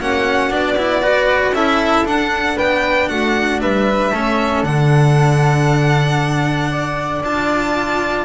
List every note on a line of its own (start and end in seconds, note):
0.00 0.51 A#3
0.00 0.51 C#4
0.00 1.02 F#4
0.00 0.53 F#5
0.51 1.51 B3
0.51 0.77 D4
0.51 1.54 D5
0.78 1.02 E4
1.02 1.54 F#4
1.02 1.54 B4
1.51 2.03 C#4
1.51 2.05 E4
1.51 2.56 A4
1.51 2.06 E5
2.05 2.57 D4
2.05 4.12 D4
2.05 2.58 F#5
2.56 3.10 B3
2.56 3.08 B4
2.56 3.09 G5
3.09 3.62 A3
3.09 3.61 F#4
3.09 3.60 F#5
3.61 4.12 G3
3.61 4.12 B4
3.61 4.65 E5
4.12 4.64 A3
4.12 4.65 C#4
4.12 6.70 A4
4.64 7.22 D3
4.64 7.24 D4
4.64 7.23 F#5
6.71 8.26 D5
7.23 8.26 D4
7.23 8.26 F4
7.23 8.26 A5